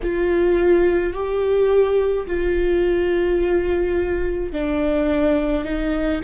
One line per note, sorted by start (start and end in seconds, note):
0.02 1.13 F4
1.13 2.26 G4
2.26 4.52 F4
4.52 5.64 D4
5.64 6.21 D#4